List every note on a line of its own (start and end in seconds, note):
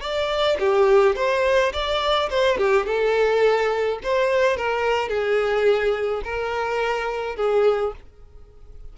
0.00 0.57 D5
0.59 1.15 G4
1.15 1.72 C5
1.72 2.29 D5
2.29 2.57 C5
2.57 2.85 G4
2.85 3.99 A4
4.03 4.56 C5
4.56 5.08 A#4
5.08 6.22 G#4
6.24 7.36 A#4
7.36 7.92 G#4